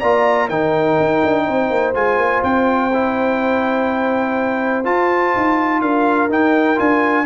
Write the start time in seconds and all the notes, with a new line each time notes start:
0.00 A#3 F4 D5 A#5
0.47 D#3 D#4 A#4 G5
1.00 D#4
1.24 D4
1.46 C4 C5
1.70 A#3
1.94 G#3 F4 G#5
2.18 A#3
2.43 C4 G5
2.94 E4
4.84 F4 A5
5.36 D#4
5.81 D4 A#4 F5
6.29 D#4 G5
6.76 D4 F4 G#5